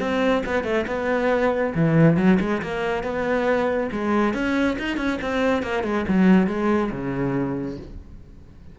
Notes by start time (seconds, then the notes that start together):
0.00 C4
0.46 B3
0.64 A3
0.87 B3
1.75 E3
2.17 F#3
2.40 G#3
2.62 A#3
3.04 B3
3.92 G#3
4.34 C#4
4.79 D#4
4.97 C#4
5.22 C4
5.63 A#3
5.84 G#3
6.08 F#3
6.47 G#3
6.91 C#3